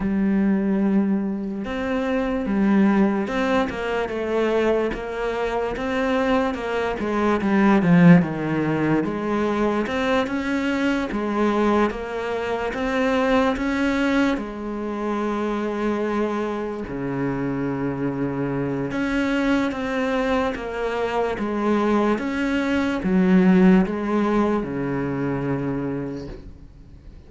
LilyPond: \new Staff \with { instrumentName = "cello" } { \time 4/4 \tempo 4 = 73 g2 c'4 g4 | c'8 ais8 a4 ais4 c'4 | ais8 gis8 g8 f8 dis4 gis4 | c'8 cis'4 gis4 ais4 c'8~ |
c'8 cis'4 gis2~ gis8~ | gis8 cis2~ cis8 cis'4 | c'4 ais4 gis4 cis'4 | fis4 gis4 cis2 | }